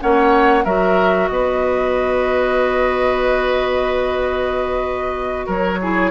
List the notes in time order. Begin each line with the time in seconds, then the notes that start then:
0.00 A#3 C#4 C#5 F#5
0.65 F#3 F#4 A#4 E5
1.28 B3 B4 D#5
5.47 F#3 A#4 C#5
5.82 E4 G#4